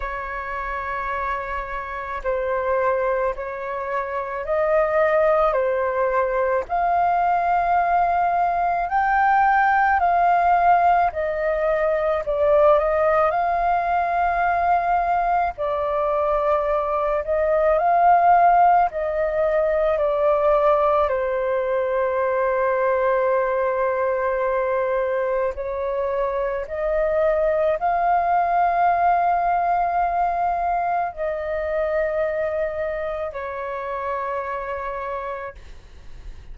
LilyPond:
\new Staff \with { instrumentName = "flute" } { \time 4/4 \tempo 4 = 54 cis''2 c''4 cis''4 | dis''4 c''4 f''2 | g''4 f''4 dis''4 d''8 dis''8 | f''2 d''4. dis''8 |
f''4 dis''4 d''4 c''4~ | c''2. cis''4 | dis''4 f''2. | dis''2 cis''2 | }